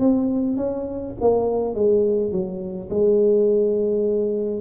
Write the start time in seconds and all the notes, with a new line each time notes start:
0.00 C4
0.57 C#4
1.21 A#3
1.75 G#3
2.32 F#3
2.90 G#3